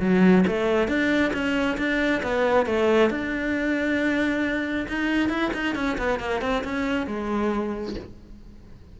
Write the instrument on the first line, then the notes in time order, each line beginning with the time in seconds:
cello
0.00 F#3
0.47 A3
0.88 D4
1.33 C#4
1.78 D4
2.23 B3
2.66 A3
3.10 D4
4.89 D#4
5.29 E4
5.54 D#4
5.75 C#4
5.98 B3
6.19 A#3
6.41 C4
6.64 C#4
7.07 G#3